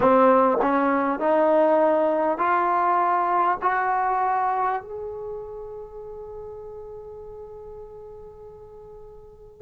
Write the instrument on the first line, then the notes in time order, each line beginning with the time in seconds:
trombone
0.00 C4
0.61 C#4
1.19 D#4
2.37 F4
3.62 F#4
4.82 G#4